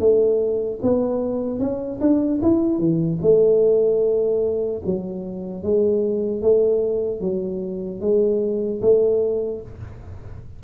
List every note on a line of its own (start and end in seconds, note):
0.00 0.80 A3
0.83 1.60 B3
1.60 2.00 C#4
2.01 2.41 D4
2.43 2.79 E4
2.79 3.19 E3
3.22 4.82 A3
4.86 5.64 F#3
5.64 6.42 G#3
6.42 7.21 A3
7.21 8.01 F#3
8.01 8.81 G#3
8.82 9.62 A3